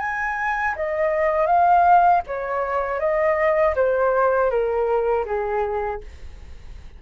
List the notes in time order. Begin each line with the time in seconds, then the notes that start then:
0.00 G#5
0.76 D#5
1.47 F5
2.27 C#5
3.00 D#5
3.76 C5
4.51 A#4
5.26 G#4